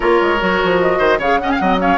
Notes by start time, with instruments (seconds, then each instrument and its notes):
0.00 bassoon A#3, clarinet F4, oboe A#4, flute C#5
0.21 bassoon G#3
0.39 bassoon F#3, clarinet F#4
0.63 bassoon F3
0.80 flute D#5
0.98 bassoon D#3, oboe C5
1.18 bassoon C#3, clarinet G#4, oboe C#5, flute F5
1.39 clarinet C#4, oboe D#5, flute F#5
1.49 oboe F5, flute G#5
1.57 bassoon F#3, clarinet C4, oboe D#5, flute F#5
1.78 clarinet C#4, oboe C#5, flute F5